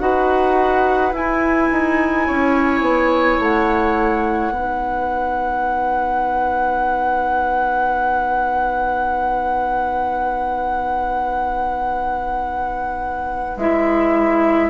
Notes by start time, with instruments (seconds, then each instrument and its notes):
0.00 bassoon D#4, clarinet F#4, oboe B4, flute F#5
1.12 clarinet E4, bassoon E4, flute G#5
1.72 bassoon D#4
2.27 bassoon C#4, oboe C#5
2.81 bassoon B3
3.39 bassoon A3, flute F#5
4.51 bassoon B3, clarinet D#4, oboe B4
13.57 bassoon G#3, clarinet E4, flute E5